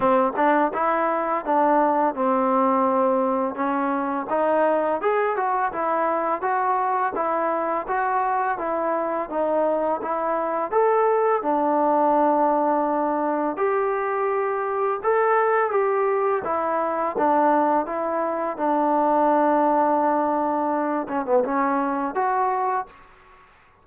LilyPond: \new Staff \with { instrumentName = "trombone" } { \time 4/4 \tempo 4 = 84 c'8 d'8 e'4 d'4 c'4~ | c'4 cis'4 dis'4 gis'8 fis'8 | e'4 fis'4 e'4 fis'4 | e'4 dis'4 e'4 a'4 |
d'2. g'4~ | g'4 a'4 g'4 e'4 | d'4 e'4 d'2~ | d'4. cis'16 b16 cis'4 fis'4 | }